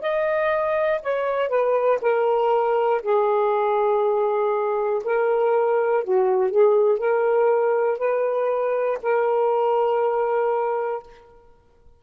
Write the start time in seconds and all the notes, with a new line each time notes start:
0.00 D#5
1.02 C#5
1.49 B4
2.01 A#4
3.02 G#4
5.04 A#4
6.04 F#4
6.50 G#4
6.98 A#4
7.98 B4
9.03 A#4